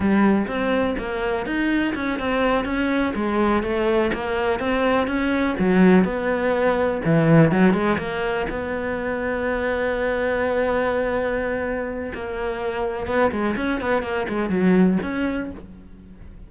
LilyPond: \new Staff \with { instrumentName = "cello" } { \time 4/4 \tempo 4 = 124 g4 c'4 ais4 dis'4 | cis'8 c'4 cis'4 gis4 a8~ | a8 ais4 c'4 cis'4 fis8~ | fis8 b2 e4 fis8 |
gis8 ais4 b2~ b8~ | b1~ | b4 ais2 b8 gis8 | cis'8 b8 ais8 gis8 fis4 cis'4 | }